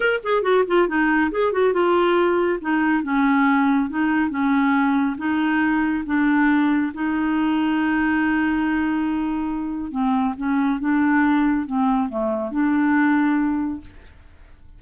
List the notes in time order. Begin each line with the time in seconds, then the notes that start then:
0.00 A#4
0.23 G#4
0.42 F#4
0.67 F4
0.88 D#4
1.31 G#4
1.52 F#4
1.73 F4
2.61 D#4
3.03 C#4
3.89 D#4
4.30 C#4
5.17 D#4
6.05 D4
6.93 D#4
9.91 C4
10.37 C#4
10.80 D4
11.66 C4
12.09 A3
12.51 D4